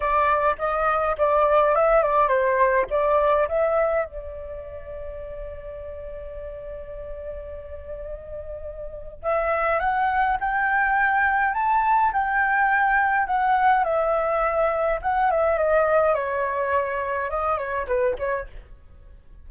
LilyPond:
\new Staff \with { instrumentName = "flute" } { \time 4/4 \tempo 4 = 104 d''4 dis''4 d''4 e''8 d''8 | c''4 d''4 e''4 d''4~ | d''1~ | d''1 |
e''4 fis''4 g''2 | a''4 g''2 fis''4 | e''2 fis''8 e''8 dis''4 | cis''2 dis''8 cis''8 b'8 cis''8 | }